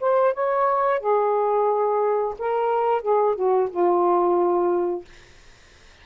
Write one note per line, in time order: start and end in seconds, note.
0.00 0.33 C5
0.33 0.99 C#5
0.99 2.34 G#4
2.38 3.02 A#4
3.02 3.35 G#4
3.35 3.69 F#4
3.70 5.05 F4